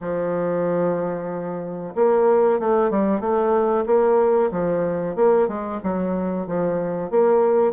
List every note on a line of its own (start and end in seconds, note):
0.01 1.94 F3
1.95 2.59 A#3
2.59 2.90 A3
2.90 3.20 G3
3.20 3.84 A3
3.85 4.50 A#3
4.51 5.15 F3
5.15 5.48 A#3
5.48 5.80 G#3
5.83 6.46 F#3
6.46 7.10 F3
7.10 7.72 A#3